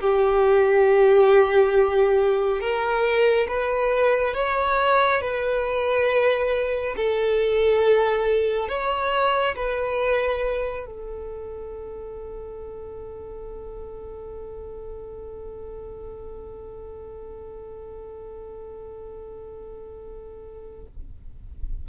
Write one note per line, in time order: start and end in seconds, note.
0.00 2.60 G4
2.60 3.47 A#4
3.47 4.34 B4
4.34 5.21 C#5
5.21 6.95 B4
6.96 8.68 A4
8.68 9.55 C#5
9.55 10.86 B4
10.86 20.86 A4